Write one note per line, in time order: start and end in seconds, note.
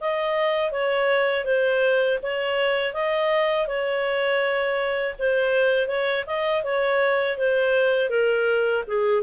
0.00 0.71 D#5
0.71 1.44 C#5
1.44 2.19 C5
2.22 2.93 C#5
2.93 3.67 D#5
3.67 5.15 C#5
5.19 5.88 C5
5.88 6.25 C#5
6.26 6.63 D#5
6.64 7.37 C#5
7.37 8.09 C5
8.09 8.84 A#4
8.87 9.23 G#4